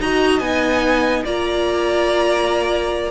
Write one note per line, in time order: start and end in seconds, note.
0.00 0.40 D#4
0.00 0.41 F#4
0.00 1.25 D#5
0.00 0.39 A#5
0.39 1.23 B3
0.39 1.24 D#4
0.39 1.22 G#5
1.25 3.10 A#3
1.25 3.10 F4
1.25 3.10 D5
1.25 3.10 A#5